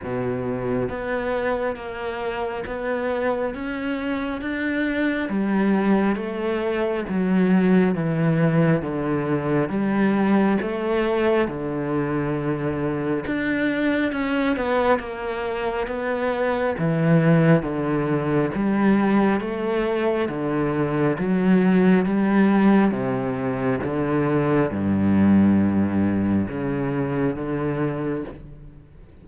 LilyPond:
\new Staff \with { instrumentName = "cello" } { \time 4/4 \tempo 4 = 68 b,4 b4 ais4 b4 | cis'4 d'4 g4 a4 | fis4 e4 d4 g4 | a4 d2 d'4 |
cis'8 b8 ais4 b4 e4 | d4 g4 a4 d4 | fis4 g4 c4 d4 | g,2 cis4 d4 | }